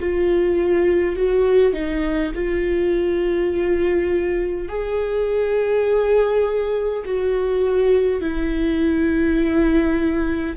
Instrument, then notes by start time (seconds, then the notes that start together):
viola
0.00 F4
1.17 F#4
1.73 D#4
2.35 F4
4.69 G#4
7.05 F#4
8.21 E4